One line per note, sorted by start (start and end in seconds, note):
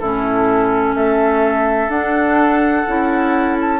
0.00 0.95 A2
0.00 1.92 C#4
0.00 0.96 E4
0.00 0.95 A4
0.95 1.88 A3
0.95 3.80 A4
0.95 1.90 E5
1.88 2.84 D4
1.88 2.87 D4
1.88 3.57 F#5
2.87 3.80 C#4
2.87 3.80 E4
3.61 3.80 A5